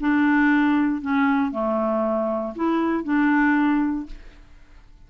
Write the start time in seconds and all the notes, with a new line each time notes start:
0.00 D4
1.01 C#4
1.51 A3
2.55 E4
3.03 D4